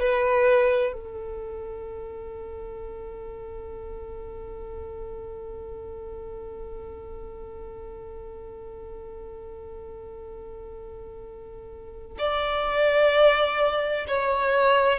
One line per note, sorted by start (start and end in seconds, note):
0.00 0.93 B4
0.93 12.18 A4
12.19 14.06 D5
14.08 15.00 C#5